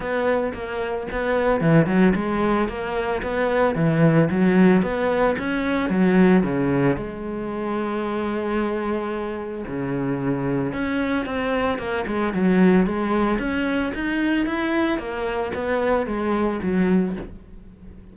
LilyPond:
\new Staff \with { instrumentName = "cello" } { \time 4/4 \tempo 4 = 112 b4 ais4 b4 e8 fis8 | gis4 ais4 b4 e4 | fis4 b4 cis'4 fis4 | cis4 gis2.~ |
gis2 cis2 | cis'4 c'4 ais8 gis8 fis4 | gis4 cis'4 dis'4 e'4 | ais4 b4 gis4 fis4 | }